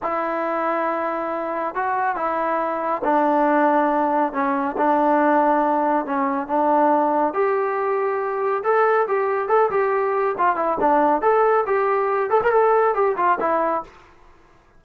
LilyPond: \new Staff \with { instrumentName = "trombone" } { \time 4/4 \tempo 4 = 139 e'1 | fis'4 e'2 d'4~ | d'2 cis'4 d'4~ | d'2 cis'4 d'4~ |
d'4 g'2. | a'4 g'4 a'8 g'4. | f'8 e'8 d'4 a'4 g'4~ | g'8 a'16 ais'16 a'4 g'8 f'8 e'4 | }